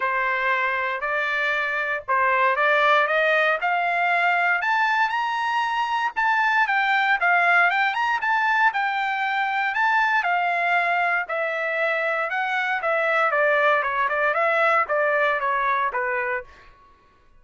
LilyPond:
\new Staff \with { instrumentName = "trumpet" } { \time 4/4 \tempo 4 = 117 c''2 d''2 | c''4 d''4 dis''4 f''4~ | f''4 a''4 ais''2 | a''4 g''4 f''4 g''8 ais''8 |
a''4 g''2 a''4 | f''2 e''2 | fis''4 e''4 d''4 cis''8 d''8 | e''4 d''4 cis''4 b'4 | }